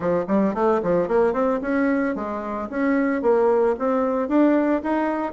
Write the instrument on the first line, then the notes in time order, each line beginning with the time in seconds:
bassoon
0.00 F3
0.27 G3
0.54 A3
0.83 F3
1.08 A#3
1.33 C4
1.61 C#4
2.15 G#3
2.69 C#4
3.22 A#3
3.79 C4
4.28 D4
4.82 D#4